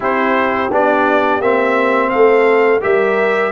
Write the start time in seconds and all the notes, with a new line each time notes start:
0.00 C4 E4 G4 C5
0.70 B3 D4 D5
1.39 A#3 C4 E5
2.09 A3 A4 F5
2.81 G3 G4 A#4 E5